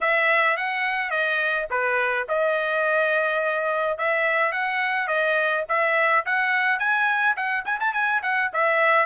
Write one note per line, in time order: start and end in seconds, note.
0.01 0.56 E5
0.56 1.10 F#5
1.10 1.66 D#5
1.70 2.27 B4
2.28 3.98 D#5
3.98 4.52 E5
4.52 5.07 F#5
5.07 5.64 D#5
5.68 6.25 E5
6.25 6.79 F#5
6.79 7.35 G#5
7.36 7.64 F#5
7.65 7.79 G#5
7.80 7.93 A5
7.93 8.21 G#5
8.22 8.50 F#5
8.53 9.05 E5